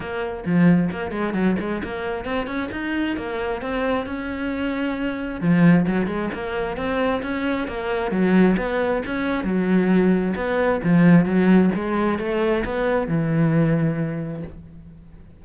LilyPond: \new Staff \with { instrumentName = "cello" } { \time 4/4 \tempo 4 = 133 ais4 f4 ais8 gis8 fis8 gis8 | ais4 c'8 cis'8 dis'4 ais4 | c'4 cis'2. | f4 fis8 gis8 ais4 c'4 |
cis'4 ais4 fis4 b4 | cis'4 fis2 b4 | f4 fis4 gis4 a4 | b4 e2. | }